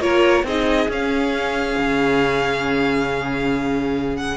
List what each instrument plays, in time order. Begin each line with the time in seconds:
0.00 cello A#3, viola F4, violin A#4 C#5
0.43 cello C4, viola D#4, violin G#4 D#5
0.88 cello C#4, viola C#4, violin F5
1.78 cello C#3
4.16 violin F#5